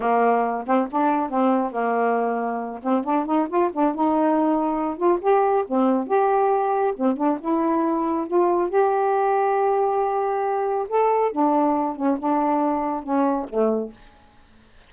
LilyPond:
\new Staff \with { instrumentName = "saxophone" } { \time 4/4 \tempo 4 = 138 ais4. c'8 d'4 c'4 | ais2~ ais8 c'8 d'8 dis'8 | f'8 d'8 dis'2~ dis'8 f'8 | g'4 c'4 g'2 |
c'8 d'8 e'2 f'4 | g'1~ | g'4 a'4 d'4. cis'8 | d'2 cis'4 a4 | }